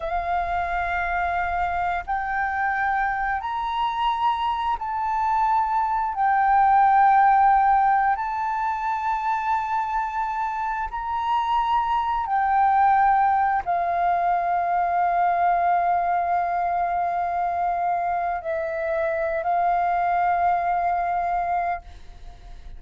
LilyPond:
\new Staff \with { instrumentName = "flute" } { \time 4/4 \tempo 4 = 88 f''2. g''4~ | g''4 ais''2 a''4~ | a''4 g''2. | a''1 |
ais''2 g''2 | f''1~ | f''2. e''4~ | e''8 f''2.~ f''8 | }